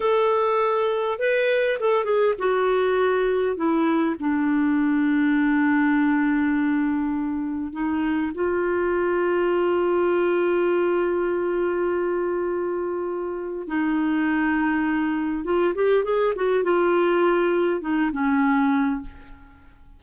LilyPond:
\new Staff \with { instrumentName = "clarinet" } { \time 4/4 \tempo 4 = 101 a'2 b'4 a'8 gis'8 | fis'2 e'4 d'4~ | d'1~ | d'4 dis'4 f'2~ |
f'1~ | f'2. dis'4~ | dis'2 f'8 g'8 gis'8 fis'8 | f'2 dis'8 cis'4. | }